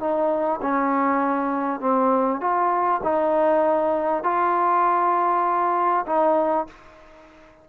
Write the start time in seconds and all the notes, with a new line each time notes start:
0.00 D#4
0.62 C#4
1.80 C4
2.40 F4
3.04 D#4
4.24 F4
6.06 D#4